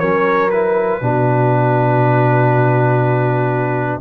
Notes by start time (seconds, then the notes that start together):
0.00 F#3 C#4 A#4 C#5
0.51 E4 B4
1.02 B2 D4 F#4